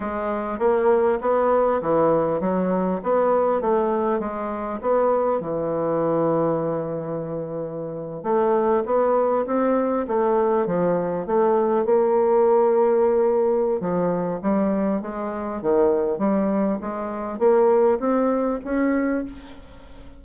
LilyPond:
\new Staff \with { instrumentName = "bassoon" } { \time 4/4 \tempo 4 = 100 gis4 ais4 b4 e4 | fis4 b4 a4 gis4 | b4 e2.~ | e4.~ e16 a4 b4 c'16~ |
c'8. a4 f4 a4 ais16~ | ais2. f4 | g4 gis4 dis4 g4 | gis4 ais4 c'4 cis'4 | }